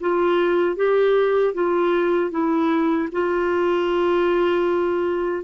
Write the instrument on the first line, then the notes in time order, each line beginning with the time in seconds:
clarinet
0.00 F4
0.76 G4
1.54 F4
2.31 E4
3.12 F4